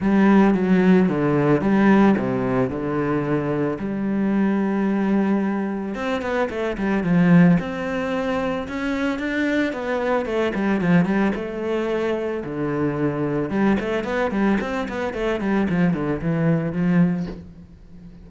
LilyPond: \new Staff \with { instrumentName = "cello" } { \time 4/4 \tempo 4 = 111 g4 fis4 d4 g4 | c4 d2 g4~ | g2. c'8 b8 | a8 g8 f4 c'2 |
cis'4 d'4 b4 a8 g8 | f8 g8 a2 d4~ | d4 g8 a8 b8 g8 c'8 b8 | a8 g8 f8 d8 e4 f4 | }